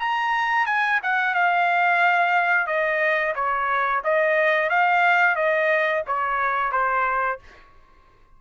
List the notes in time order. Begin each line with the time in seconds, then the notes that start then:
0.00 A#5
0.66 G#5
1.03 F#5
1.35 F5
2.67 D#5
3.36 C#5
4.04 D#5
4.70 F5
5.36 D#5
6.07 C#5
6.72 C5